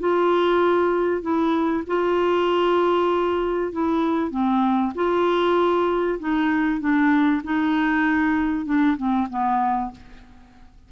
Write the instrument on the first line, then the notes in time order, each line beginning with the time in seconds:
clarinet
0.00 F4
1.22 E4
1.87 F4
3.73 E4
4.31 C4
4.95 F4
6.20 D#4
6.80 D4
7.44 D#4
8.66 D4
8.97 C4
9.30 B3